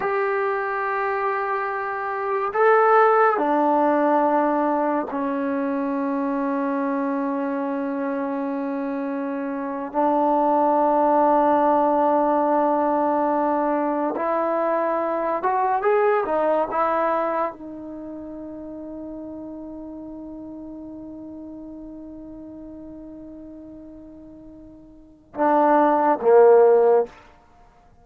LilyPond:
\new Staff \with { instrumentName = "trombone" } { \time 4/4 \tempo 4 = 71 g'2. a'4 | d'2 cis'2~ | cis'2.~ cis'8. d'16~ | d'1~ |
d'8. e'4. fis'8 gis'8 dis'8 e'16~ | e'8. dis'2.~ dis'16~ | dis'1~ | dis'2 d'4 ais4 | }